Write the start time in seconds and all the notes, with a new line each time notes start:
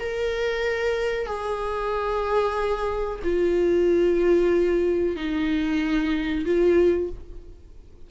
0.00 A#4
1.27 G#4
3.24 F4
5.16 D#4
6.45 F4